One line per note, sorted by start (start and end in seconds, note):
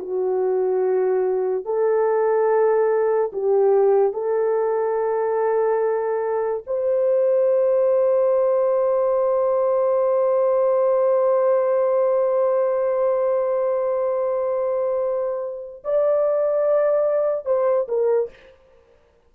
0.00 1.66 F#4
1.66 3.32 A4
3.33 4.14 G4
4.14 6.64 A4
6.67 15.84 C5
15.85 17.46 D5
17.46 17.87 C5
17.89 18.30 A#4